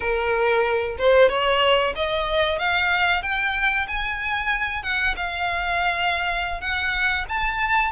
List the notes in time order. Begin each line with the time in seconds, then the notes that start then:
0.00 A#4
0.98 C5
1.29 C#5
1.95 D#5
2.58 F5
3.22 G5
3.87 G#5
4.82 F#5
5.16 F5
6.60 F#5
7.28 A5